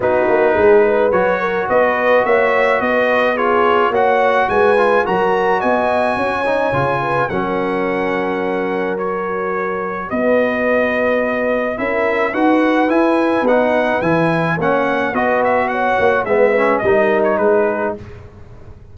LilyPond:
<<
  \new Staff \with { instrumentName = "trumpet" } { \time 4/4 \tempo 4 = 107 b'2 cis''4 dis''4 | e''4 dis''4 cis''4 fis''4 | gis''4 ais''4 gis''2~ | gis''4 fis''2. |
cis''2 dis''2~ | dis''4 e''4 fis''4 gis''4 | fis''4 gis''4 fis''4 dis''8 e''8 | fis''4 e''4 dis''8. cis''16 b'4 | }
  \new Staff \with { instrumentName = "horn" } { \time 4/4 fis'4 gis'8 b'4 ais'8 b'4 | cis''4 b'4 gis'4 cis''4 | b'4 ais'4 dis''4 cis''4~ | cis''8 b'8 ais'2.~ |
ais'2 b'2~ | b'4 ais'4 b'2~ | b'2 cis''4 b'4 | cis''4 b'4 ais'4 gis'4 | }
  \new Staff \with { instrumentName = "trombone" } { \time 4/4 dis'2 fis'2~ | fis'2 f'4 fis'4~ | fis'8 f'8 fis'2~ fis'8 dis'8 | f'4 cis'2. |
fis'1~ | fis'4 e'4 fis'4 e'4 | dis'4 e'4 cis'4 fis'4~ | fis'4 b8 cis'8 dis'2 | }
  \new Staff \with { instrumentName = "tuba" } { \time 4/4 b8 ais8 gis4 fis4 b4 | ais4 b2 ais4 | gis4 fis4 b4 cis'4 | cis4 fis2.~ |
fis2 b2~ | b4 cis'4 dis'4 e'4 | b4 e4 ais4 b4~ | b8 ais8 gis4 g4 gis4 | }
>>